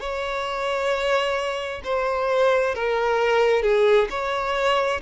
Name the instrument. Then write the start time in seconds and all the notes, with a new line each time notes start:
violin
0.00 C#5
1.84 C5
2.75 A#4
3.63 G#4
4.10 C#5